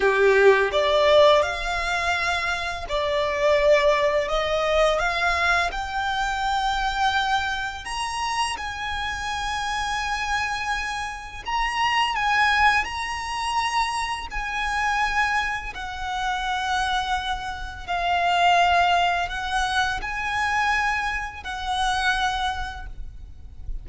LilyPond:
\new Staff \with { instrumentName = "violin" } { \time 4/4 \tempo 4 = 84 g'4 d''4 f''2 | d''2 dis''4 f''4 | g''2. ais''4 | gis''1 |
ais''4 gis''4 ais''2 | gis''2 fis''2~ | fis''4 f''2 fis''4 | gis''2 fis''2 | }